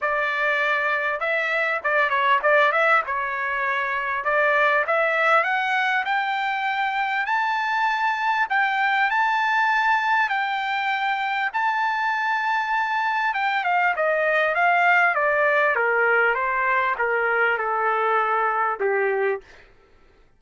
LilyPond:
\new Staff \with { instrumentName = "trumpet" } { \time 4/4 \tempo 4 = 99 d''2 e''4 d''8 cis''8 | d''8 e''8 cis''2 d''4 | e''4 fis''4 g''2 | a''2 g''4 a''4~ |
a''4 g''2 a''4~ | a''2 g''8 f''8 dis''4 | f''4 d''4 ais'4 c''4 | ais'4 a'2 g'4 | }